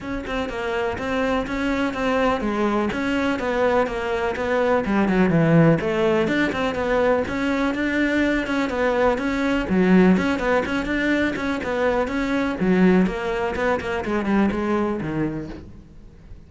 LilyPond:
\new Staff \with { instrumentName = "cello" } { \time 4/4 \tempo 4 = 124 cis'8 c'8 ais4 c'4 cis'4 | c'4 gis4 cis'4 b4 | ais4 b4 g8 fis8 e4 | a4 d'8 c'8 b4 cis'4 |
d'4. cis'8 b4 cis'4 | fis4 cis'8 b8 cis'8 d'4 cis'8 | b4 cis'4 fis4 ais4 | b8 ais8 gis8 g8 gis4 dis4 | }